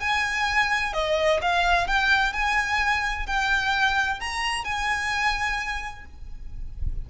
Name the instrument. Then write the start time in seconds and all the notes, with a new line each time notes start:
violin
0.00 G#5
0.93 D#5
1.41 F5
1.87 G5
2.32 G#5
3.26 G5
4.20 A#5
4.64 G#5